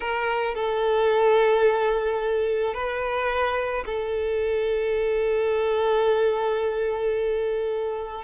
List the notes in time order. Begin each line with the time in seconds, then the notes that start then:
0.00 A#4
0.54 A4
2.74 B4
3.85 A4